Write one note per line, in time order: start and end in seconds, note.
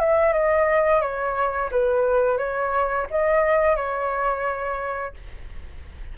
0.00 0.33 E5
0.33 1.02 D#5
1.02 1.71 C#5
1.71 2.38 B4
2.38 3.07 C#5
3.11 3.76 D#5
3.76 5.14 C#5